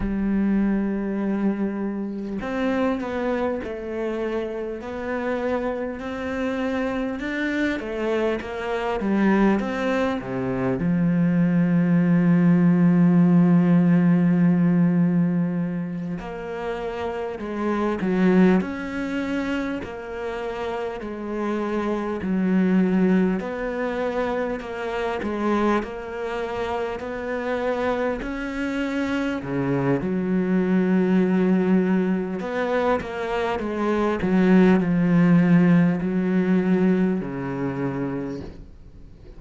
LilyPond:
\new Staff \with { instrumentName = "cello" } { \time 4/4 \tempo 4 = 50 g2 c'8 b8 a4 | b4 c'4 d'8 a8 ais8 g8 | c'8 c8 f2.~ | f4. ais4 gis8 fis8 cis'8~ |
cis'8 ais4 gis4 fis4 b8~ | b8 ais8 gis8 ais4 b4 cis'8~ | cis'8 cis8 fis2 b8 ais8 | gis8 fis8 f4 fis4 cis4 | }